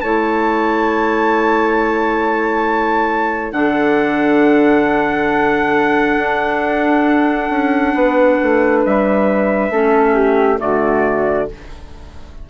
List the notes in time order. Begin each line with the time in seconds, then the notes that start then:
0.00 A3 E4 C#5 A5
3.52 D3 D4 A4 F#5
6.17 D4
7.50 C#4
7.94 B3 B4
8.42 A3
8.85 G3 E5
9.70 A3 C#4 A4
10.14 G4
10.58 D3 A3 F#4 D5